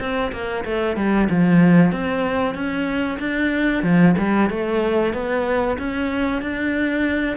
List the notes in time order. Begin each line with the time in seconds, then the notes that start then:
0.00 C4
0.32 A#3
0.64 A3
0.96 G3
1.30 F3
1.92 C4
2.54 C#4
3.19 D4
3.83 F3
4.18 G3
4.50 A3
5.14 B3
5.78 C#4
6.42 D4